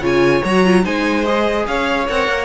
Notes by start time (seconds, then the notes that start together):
0.00 C#3 F4 C#5 G#5
0.44 F#3 F#4 A#5
0.65 F4
0.83 G#3 D#4 C5 G#5
1.25 G#4 D#5
1.66 C#4 C#5 F5
2.08 C4 A#4 F#5
2.27 A#3